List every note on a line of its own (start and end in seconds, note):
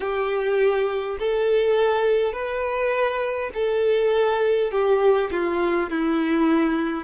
0.00 1.18 G4
1.19 2.32 A4
2.32 3.50 B4
3.53 4.71 A4
4.71 5.30 G4
5.31 5.90 F4
5.90 7.03 E4